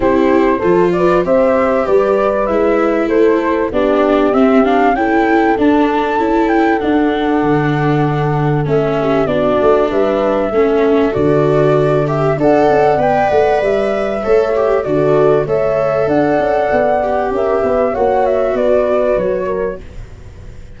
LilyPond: <<
  \new Staff \with { instrumentName = "flute" } { \time 4/4 \tempo 4 = 97 c''4. d''8 e''4 d''4 | e''4 c''4 d''4 e''8 f''8 | g''4 a''4. g''8 fis''4~ | fis''2 e''4 d''4 |
e''2 d''4. e''8 | fis''4 g''8 fis''8 e''2 | d''4 e''4 fis''2 | e''4 fis''8 e''8 d''4 cis''4 | }
  \new Staff \with { instrumentName = "horn" } { \time 4/4 g'4 a'8 b'8 c''4 b'4~ | b'4 a'4 g'2 | a'1~ | a'2~ a'8 g'8 fis'4 |
b'4 a'2. | d''2. cis''4 | a'4 cis''4 d''2 | ais'8 b'8 cis''4 b'4. ais'8 | }
  \new Staff \with { instrumentName = "viola" } { \time 4/4 e'4 f'4 g'2 | e'2 d'4 c'8 d'8 | e'4 d'4 e'4 d'4~ | d'2 cis'4 d'4~ |
d'4 cis'4 fis'4. g'8 | a'4 b'2 a'8 g'8 | fis'4 a'2~ a'8 g'8~ | g'4 fis'2. | }
  \new Staff \with { instrumentName = "tuba" } { \time 4/4 c'4 f4 c'4 g4 | gis4 a4 b4 c'4 | cis'4 d'4 cis'4 d'4 | d2 a4 b8 a8 |
g4 a4 d2 | d'8 cis'8 b8 a8 g4 a4 | d4 a4 d'8 cis'8 b4 | cis'8 b8 ais4 b4 fis4 | }
>>